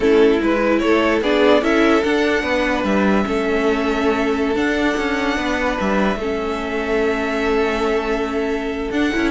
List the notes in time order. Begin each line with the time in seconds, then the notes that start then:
0.00 A3 C#4 E4 A4
0.41 G#3 E4 B4
0.79 A3 A4 C#5
1.21 B3 D4 G#4 D5
1.61 C#4 E4 A4 E5
2.03 D4 F#5
2.42 B3 B4
2.83 G3 E5
3.24 A3 C#4 A4
4.55 D4 F#5
4.97 C#4
5.37 B3 B4
5.79 G3 E5
6.16 A3 C#4 A4
8.90 D4 F#5
9.12 C#4 E4